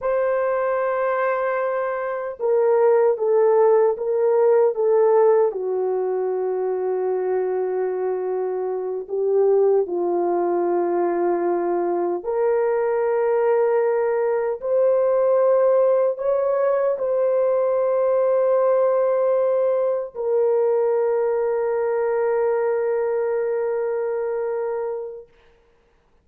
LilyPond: \new Staff \with { instrumentName = "horn" } { \time 4/4 \tempo 4 = 76 c''2. ais'4 | a'4 ais'4 a'4 fis'4~ | fis'2.~ fis'8 g'8~ | g'8 f'2. ais'8~ |
ais'2~ ais'8 c''4.~ | c''8 cis''4 c''2~ c''8~ | c''4. ais'2~ ais'8~ | ais'1 | }